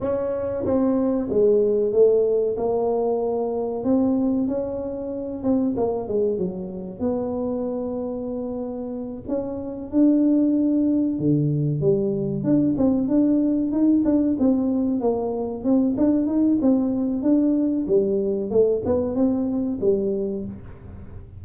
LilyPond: \new Staff \with { instrumentName = "tuba" } { \time 4/4 \tempo 4 = 94 cis'4 c'4 gis4 a4 | ais2 c'4 cis'4~ | cis'8 c'8 ais8 gis8 fis4 b4~ | b2~ b8 cis'4 d'8~ |
d'4. d4 g4 d'8 | c'8 d'4 dis'8 d'8 c'4 ais8~ | ais8 c'8 d'8 dis'8 c'4 d'4 | g4 a8 b8 c'4 g4 | }